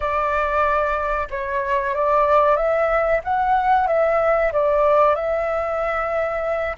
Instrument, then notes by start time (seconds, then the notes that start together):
flute
0.00 D5
1.30 C#5
1.94 D5
2.56 E5
3.23 F#5
3.87 E5
4.52 D5
5.15 E5